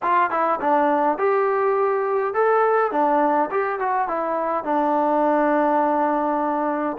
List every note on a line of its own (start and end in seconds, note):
0.02 0.30 F4
0.30 0.59 E4
0.60 1.18 D4
1.18 2.34 G4
2.34 2.91 A4
2.91 3.49 D4
3.51 3.79 G4
3.79 4.08 F#4
4.08 4.64 E4
4.64 6.97 D4